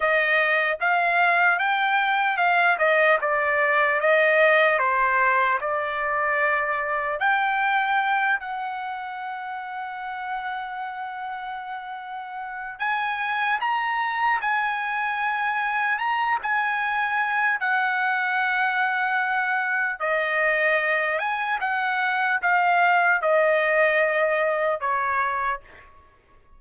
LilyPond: \new Staff \with { instrumentName = "trumpet" } { \time 4/4 \tempo 4 = 75 dis''4 f''4 g''4 f''8 dis''8 | d''4 dis''4 c''4 d''4~ | d''4 g''4. fis''4.~ | fis''1 |
gis''4 ais''4 gis''2 | ais''8 gis''4. fis''2~ | fis''4 dis''4. gis''8 fis''4 | f''4 dis''2 cis''4 | }